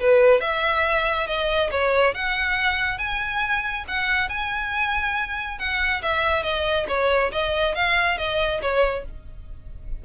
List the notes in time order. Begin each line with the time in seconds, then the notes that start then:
0.00 B4
0.41 E5
1.27 D#5
1.71 C#5
2.14 F#5
2.98 G#5
3.88 F#5
4.29 G#5
5.59 F#5
6.03 E5
6.43 D#5
6.88 C#5
7.32 D#5
7.75 F5
8.18 D#5
8.62 C#5